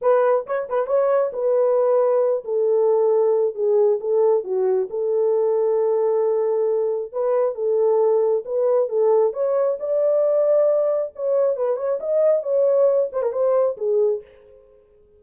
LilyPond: \new Staff \with { instrumentName = "horn" } { \time 4/4 \tempo 4 = 135 b'4 cis''8 b'8 cis''4 b'4~ | b'4. a'2~ a'8 | gis'4 a'4 fis'4 a'4~ | a'1 |
b'4 a'2 b'4 | a'4 cis''4 d''2~ | d''4 cis''4 b'8 cis''8 dis''4 | cis''4. c''16 ais'16 c''4 gis'4 | }